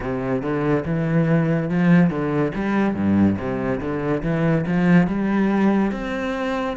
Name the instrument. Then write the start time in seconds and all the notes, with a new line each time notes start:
cello
0.00 C3
0.42 D3
0.85 E3
1.69 F3
2.09 D3
2.55 G3
2.94 G2
3.38 C3
3.80 D3
4.23 E3
4.66 F3
5.07 G3
5.92 C4